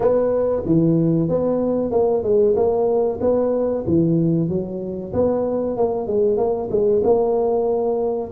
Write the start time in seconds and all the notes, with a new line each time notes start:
0.00 B3
0.65 E3
1.29 B3
1.91 A#3
2.23 G#3
2.55 A#3
3.21 B3
3.86 E3
4.49 F#3
5.13 B3
5.76 A#3
6.07 G#3
6.37 A#3
6.70 G#3
7.03 A#3